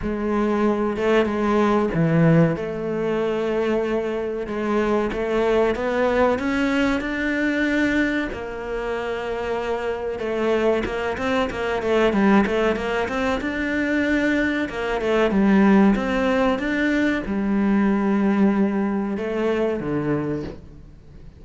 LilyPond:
\new Staff \with { instrumentName = "cello" } { \time 4/4 \tempo 4 = 94 gis4. a8 gis4 e4 | a2. gis4 | a4 b4 cis'4 d'4~ | d'4 ais2. |
a4 ais8 c'8 ais8 a8 g8 a8 | ais8 c'8 d'2 ais8 a8 | g4 c'4 d'4 g4~ | g2 a4 d4 | }